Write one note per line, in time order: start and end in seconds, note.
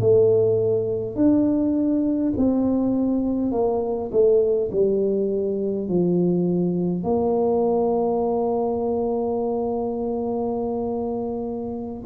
0.00 1.16 A3
1.16 2.33 D4
2.37 3.52 C4
3.52 4.11 A#3
4.11 4.70 A3
4.72 5.88 G3
5.88 7.04 F3
7.04 12.04 A#3